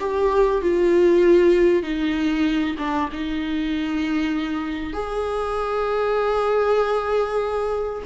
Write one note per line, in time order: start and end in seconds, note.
0.00 0.62 G4
0.62 1.83 F4
1.83 2.76 D#4
2.79 3.10 D4
3.12 4.94 D#4
4.94 8.03 G#4